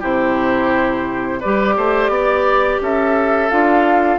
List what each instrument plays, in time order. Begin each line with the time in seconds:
0.00 bassoon C3, clarinet E4, oboe G4, flute C5
1.40 bassoon G3, clarinet G4, oboe B4, flute D5
1.77 bassoon A3, oboe C5
2.09 bassoon B3, oboe D5
2.81 bassoon C#4, oboe A4, flute E5
3.49 bassoon D4, clarinet F4, flute F5